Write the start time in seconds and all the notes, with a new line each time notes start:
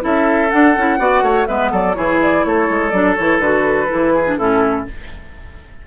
0.00 C#4 E4 A4 E5
0.50 D4 F#5
0.77 C#4 E4
0.99 B3 F#4 D5
1.22 A3 C#5
1.46 G#3 B3 B4 E5
1.71 F#3 A4 D5
1.94 E3 E4 G#4 C#5
2.22 D5
2.44 A3 A4 C#5
2.69 G#3
2.90 F#3 D4 D5
3.15 E3 E4 C#5
3.39 D3 F#4 B4
3.87 E3 E4
4.14 G#4
4.26 D4
4.37 A2 C#4 E4 A4